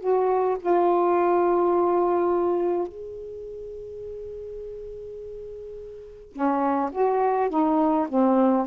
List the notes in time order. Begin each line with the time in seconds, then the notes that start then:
0.00 F#4
0.60 F4
2.88 G#4
6.32 C#4
6.92 F#4
7.49 D#4
8.09 C4